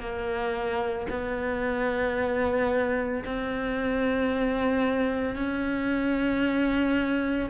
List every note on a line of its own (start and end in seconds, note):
0.00 1.07 A#3
1.10 3.24 B3
3.25 5.36 C4
5.36 7.50 C#4